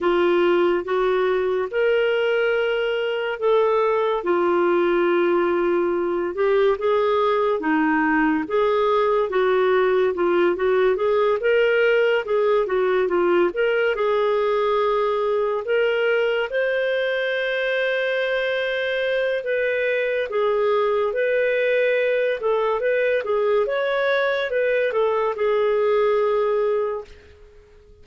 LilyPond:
\new Staff \with { instrumentName = "clarinet" } { \time 4/4 \tempo 4 = 71 f'4 fis'4 ais'2 | a'4 f'2~ f'8 g'8 | gis'4 dis'4 gis'4 fis'4 | f'8 fis'8 gis'8 ais'4 gis'8 fis'8 f'8 |
ais'8 gis'2 ais'4 c''8~ | c''2. b'4 | gis'4 b'4. a'8 b'8 gis'8 | cis''4 b'8 a'8 gis'2 | }